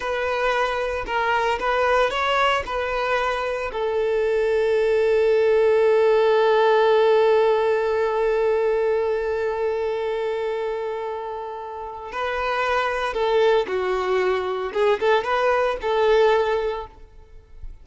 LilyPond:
\new Staff \with { instrumentName = "violin" } { \time 4/4 \tempo 4 = 114 b'2 ais'4 b'4 | cis''4 b'2 a'4~ | a'1~ | a'1~ |
a'1~ | a'2. b'4~ | b'4 a'4 fis'2 | gis'8 a'8 b'4 a'2 | }